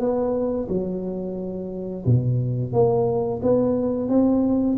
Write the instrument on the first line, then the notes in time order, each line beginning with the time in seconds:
tuba
0.00 B3
0.69 F#3
2.06 B2
2.73 A#3
3.43 B3
4.09 C4